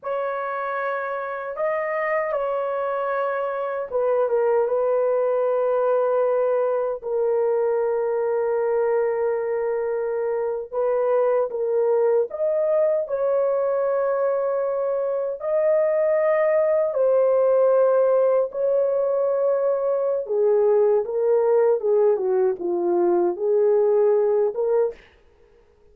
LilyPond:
\new Staff \with { instrumentName = "horn" } { \time 4/4 \tempo 4 = 77 cis''2 dis''4 cis''4~ | cis''4 b'8 ais'8 b'2~ | b'4 ais'2.~ | ais'4.~ ais'16 b'4 ais'4 dis''16~ |
dis''8. cis''2. dis''16~ | dis''4.~ dis''16 c''2 cis''16~ | cis''2 gis'4 ais'4 | gis'8 fis'8 f'4 gis'4. ais'8 | }